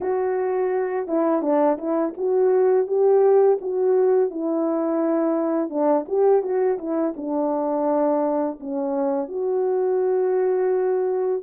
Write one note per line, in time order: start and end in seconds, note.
0.01 1.07 F#4
1.07 1.42 E4
1.42 1.77 D4
1.78 2.13 E4
2.17 2.87 F#4
2.87 3.58 G4
3.61 4.30 F#4
4.30 5.69 E4
5.69 6.05 D4
6.07 6.42 G4
6.42 6.78 F#4
6.78 7.14 E4
7.16 8.59 D4
8.60 9.28 C#4
9.28 11.42 F#4